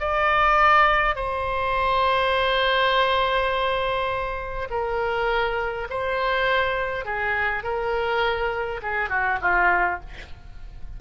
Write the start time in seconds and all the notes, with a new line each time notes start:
0.00 D5
1.16 C5
4.71 A#4
5.90 C5
7.05 G#4
7.64 A#4
8.83 G#4
9.10 F#4
9.41 F4